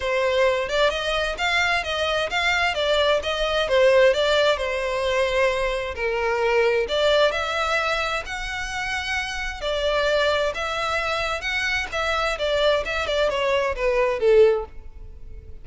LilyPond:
\new Staff \with { instrumentName = "violin" } { \time 4/4 \tempo 4 = 131 c''4. d''8 dis''4 f''4 | dis''4 f''4 d''4 dis''4 | c''4 d''4 c''2~ | c''4 ais'2 d''4 |
e''2 fis''2~ | fis''4 d''2 e''4~ | e''4 fis''4 e''4 d''4 | e''8 d''8 cis''4 b'4 a'4 | }